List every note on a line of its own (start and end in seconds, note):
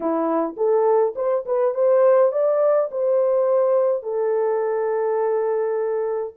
0.00 0.55 E4
0.56 1.14 A4
1.15 1.44 C5
1.45 1.74 B4
1.74 2.32 C5
2.32 2.89 D5
2.91 4.02 C5
4.02 6.33 A4